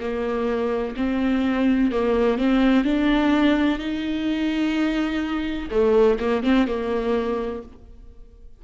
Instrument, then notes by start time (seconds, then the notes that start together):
viola
0.00 A#3
0.96 C4
1.91 A#3
2.38 C4
2.84 D4
3.79 D#4
5.71 A3
6.19 A#3
6.43 C4
6.67 A#3